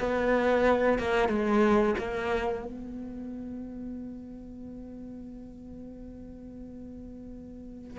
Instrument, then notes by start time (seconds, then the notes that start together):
cello
0.00 B3
0.99 A#3
1.29 G#3
1.99 A#3
2.65 B3